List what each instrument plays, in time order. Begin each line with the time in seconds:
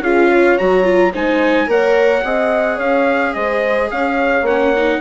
0.00 bassoon C#4, viola F4, horn G#4, trumpet F5
0.27 horn C#5
0.58 bassoon F#3, viola F#4, trumpet A#5
0.83 viola F4
1.12 bassoon G#3, viola D#4, horn C5, trumpet G#5
1.67 bassoon A#3, viola A#4, horn C#5, trumpet F#5
2.24 bassoon C4, viola G#4, horn D#5
2.75 bassoon C#4, horn C#5, trumpet F5
3.33 bassoon G#3, horn C5, trumpet D#5
3.91 bassoon C#4, horn C#5, trumpet F5
4.42 bassoon A#3, viola C#4, trumpet F#5
4.76 viola D#4